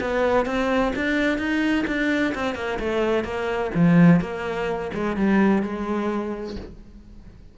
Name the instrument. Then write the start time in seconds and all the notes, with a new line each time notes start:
cello
0.00 B3
0.45 C4
0.95 D4
1.38 D#4
1.86 D4
2.34 C4
2.55 A#3
2.79 A3
3.24 A#3
3.74 F3
4.20 A#3
4.93 G#3
5.16 G3
5.62 G#3